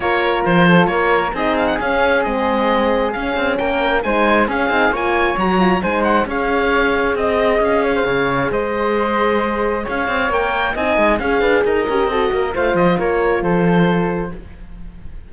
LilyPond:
<<
  \new Staff \with { instrumentName = "oboe" } { \time 4/4 \tempo 4 = 134 cis''4 c''4 cis''4 dis''8 f''16 fis''16 | f''4 dis''2 f''4 | g''4 gis''4 f''4 gis''4 | ais''4 gis''8 fis''8 f''2 |
dis''4 f''2 dis''4~ | dis''2 f''4 g''4 | gis''4 f''4 dis''2 | f''8 dis''8 cis''4 c''2 | }
  \new Staff \with { instrumentName = "flute" } { \time 4/4 ais'4. a'8 ais'4 gis'4~ | gis'1 | ais'4 c''4 gis'4 cis''4~ | cis''4 c''4 cis''2 |
dis''4. cis''16 c''16 cis''4 c''4~ | c''2 cis''2 | dis''4 cis''8 b'8 ais'4 a'8 ais'8 | c''4 ais'4 a'2 | }
  \new Staff \with { instrumentName = "horn" } { \time 4/4 f'2. dis'4 | cis'4 c'2 cis'4~ | cis'4 dis'4 cis'8 dis'8 f'4 | fis'8 f'8 dis'4 gis'2~ |
gis'1~ | gis'2. ais'4 | dis'4 gis'4. g'8 fis'4 | f'1 | }
  \new Staff \with { instrumentName = "cello" } { \time 4/4 ais4 f4 ais4 c'4 | cis'4 gis2 cis'8 c'8 | ais4 gis4 cis'8 c'8 ais4 | fis4 gis4 cis'2 |
c'4 cis'4 cis4 gis4~ | gis2 cis'8 c'8 ais4 | c'8 gis8 cis'8 d'8 dis'8 cis'8 c'8 ais8 | a8 f8 ais4 f2 | }
>>